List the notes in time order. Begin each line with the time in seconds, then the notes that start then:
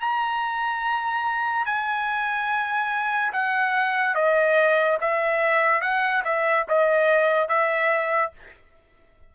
0.00 A#5
1.66 G#5
3.33 F#5
4.15 D#5
5.01 E5
5.81 F#5
6.25 E5
6.69 D#5
7.49 E5